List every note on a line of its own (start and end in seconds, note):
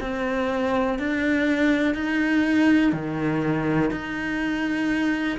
0.00 0.98 C4
0.98 1.94 D4
1.94 2.92 D#4
2.92 3.91 D#3
3.91 5.38 D#4